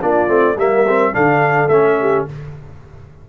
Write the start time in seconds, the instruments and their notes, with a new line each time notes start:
0.00 tuba A#3, trombone D4, horn F4, trumpet D5
0.28 tuba A3, trombone C4
0.56 tuba G3, trombone A#3, horn A#4, trumpet E5
0.88 trombone C4
1.12 tuba D3, trombone D4, horn A4, trumpet F5
1.68 tuba A3, trombone C#4, trumpet E5
2.00 horn G4